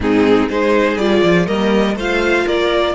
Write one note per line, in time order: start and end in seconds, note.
0.00 0.48 G#2
0.00 0.50 C4
0.00 0.49 D#4
0.00 0.48 G#4
0.48 0.96 G#3
0.48 0.99 D#4
0.48 1.46 G#4
0.48 0.97 C5
0.96 1.21 G3
0.96 1.46 F4
0.96 1.46 D5
1.23 1.47 F3
1.46 1.95 G3
1.46 1.95 A#3
1.46 1.95 A#4
1.46 1.96 D#5
1.95 2.44 A3
1.95 2.95 F4
1.95 2.45 C5
1.95 2.47 F5
2.45 2.95 A#3
2.45 2.94 A#4
2.45 2.95 D5